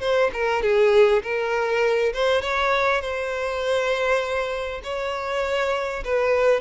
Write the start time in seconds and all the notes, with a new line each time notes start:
0.00 C5
0.33 A#4
0.62 G#4
1.23 A#4
2.13 C5
2.42 C#5
3.01 C5
4.83 C#5
6.04 B4